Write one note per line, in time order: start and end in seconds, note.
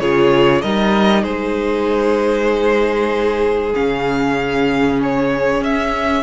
0.00 0.64 C#3
0.00 0.64 F4
0.00 0.63 G#4
0.00 0.62 C#5
0.62 1.25 G3
0.62 3.74 D#4
0.62 1.23 A#4
0.62 1.23 D#5
1.23 3.75 G#3
1.23 6.23 G#4
1.23 3.73 C5
3.74 5.61 C#3
3.74 6.23 C#4
3.74 5.00 F5
5.03 5.64 C#5
5.61 6.23 C#4
5.61 6.23 E5